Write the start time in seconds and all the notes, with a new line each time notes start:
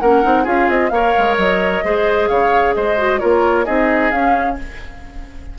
0.00 A#3 C#4 A#4 F#5
0.23 C4 D#4
0.44 C#4 F4 G#4 F5
0.69 C4 D#5
0.90 A#3 A#4 C#5 F5
1.18 G#3
1.38 F#3 D#5
1.84 G#3 G#4 C5
2.29 C#3 C#5 F5
2.75 G#3 C5 D#5
2.98 F#4
3.20 A#3 F4 A#4 C#5
3.66 C4 D#4 G#4 D#5
4.12 C#4 F5